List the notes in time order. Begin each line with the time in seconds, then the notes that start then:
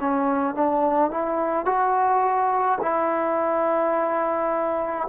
0.00 C#4
0.55 D4
1.11 E4
1.65 F#4
2.81 E4